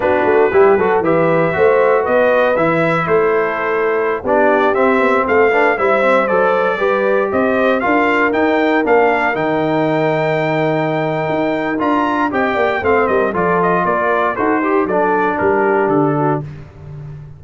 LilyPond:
<<
  \new Staff \with { instrumentName = "trumpet" } { \time 4/4 \tempo 4 = 117 b'2 e''2 | dis''4 e''4 c''2~ | c''16 d''4 e''4 f''4 e''8.~ | e''16 d''2 dis''4 f''8.~ |
f''16 g''4 f''4 g''4.~ g''16~ | g''2. ais''4 | g''4 f''8 dis''8 d''8 dis''8 d''4 | c''4 d''4 ais'4 a'4 | }
  \new Staff \with { instrumentName = "horn" } { \time 4/4 fis'4 g'8 a'8 b'4 c''4 | b'2 a'2~ | a'16 g'2 a'8 b'8 c''8.~ | c''4~ c''16 b'4 c''4 ais'8.~ |
ais'1~ | ais'1 | dis''8 d''8 c''8 ais'8 a'4 ais'4 | a'8 g'8 a'4 g'4. fis'8 | }
  \new Staff \with { instrumentName = "trombone" } { \time 4/4 d'4 e'8 fis'8 g'4 fis'4~ | fis'4 e'2.~ | e'16 d'4 c'4. d'8 e'8 c'16~ | c'16 a'4 g'2 f'8.~ |
f'16 dis'4 d'4 dis'4.~ dis'16~ | dis'2. f'4 | g'4 c'4 f'2 | fis'8 g'8 d'2. | }
  \new Staff \with { instrumentName = "tuba" } { \time 4/4 b8 a8 g8 fis8 e4 a4 | b4 e4 a2~ | a16 b4 c'8 b8 a4 g8.~ | g16 fis4 g4 c'4 d'8.~ |
d'16 dis'4 ais4 dis4.~ dis16~ | dis2 dis'4 d'4 | c'8 ais8 a8 g8 f4 ais4 | dis'4 fis4 g4 d4 | }
>>